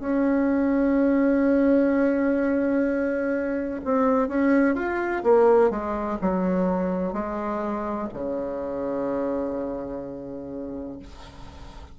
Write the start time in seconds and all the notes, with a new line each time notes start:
0.00 C#4
3.85 C4
4.29 C#4
4.75 F4
5.24 A#3
5.70 G#3
6.22 F#3
7.13 G#3
8.13 C#3